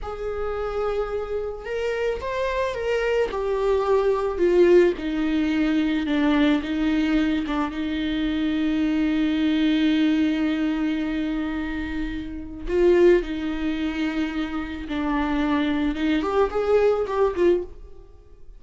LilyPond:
\new Staff \with { instrumentName = "viola" } { \time 4/4 \tempo 4 = 109 gis'2. ais'4 | c''4 ais'4 g'2 | f'4 dis'2 d'4 | dis'4. d'8 dis'2~ |
dis'1~ | dis'2. f'4 | dis'2. d'4~ | d'4 dis'8 g'8 gis'4 g'8 f'8 | }